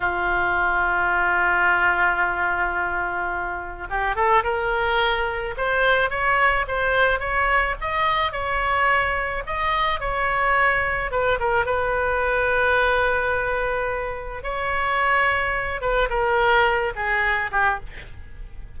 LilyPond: \new Staff \with { instrumentName = "oboe" } { \time 4/4 \tempo 4 = 108 f'1~ | f'2. g'8 a'8 | ais'2 c''4 cis''4 | c''4 cis''4 dis''4 cis''4~ |
cis''4 dis''4 cis''2 | b'8 ais'8 b'2.~ | b'2 cis''2~ | cis''8 b'8 ais'4. gis'4 g'8 | }